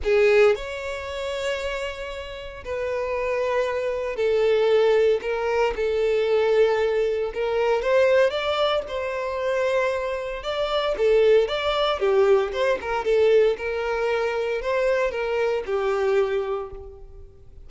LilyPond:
\new Staff \with { instrumentName = "violin" } { \time 4/4 \tempo 4 = 115 gis'4 cis''2.~ | cis''4 b'2. | a'2 ais'4 a'4~ | a'2 ais'4 c''4 |
d''4 c''2. | d''4 a'4 d''4 g'4 | c''8 ais'8 a'4 ais'2 | c''4 ais'4 g'2 | }